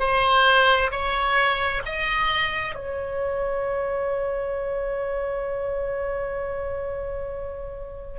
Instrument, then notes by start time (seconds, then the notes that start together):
oboe
0.00 C5
0.91 C#5
1.86 D#5
2.75 C#5